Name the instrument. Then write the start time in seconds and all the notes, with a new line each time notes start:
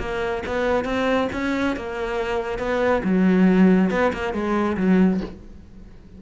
cello
0.00 A#3
0.47 B3
0.85 C4
1.33 C#4
1.76 A#3
2.59 B3
3.04 F#3
3.91 B3
4.13 A#3
4.34 G#3
4.78 F#3